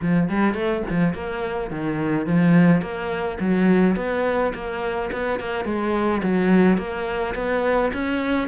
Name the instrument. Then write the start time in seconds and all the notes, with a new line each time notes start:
cello
0.01 F3
0.29 G3
0.54 A3
0.90 F3
1.13 A#3
1.70 D#3
2.26 F3
2.81 A#3
3.40 F#3
3.96 B3
4.54 A#3
5.11 B3
5.39 A#3
5.64 G#3
6.23 F#3
6.77 A#3
7.34 B3
7.93 C#4